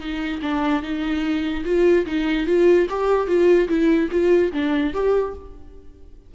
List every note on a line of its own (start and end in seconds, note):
0.00 0.41 D#4
0.42 0.83 D4
0.83 1.64 D#4
1.65 2.06 F4
2.06 2.47 D#4
2.47 2.88 F4
2.90 3.28 G4
3.28 3.68 F4
3.69 4.09 E4
4.11 4.52 F4
4.53 4.94 D4
4.94 5.35 G4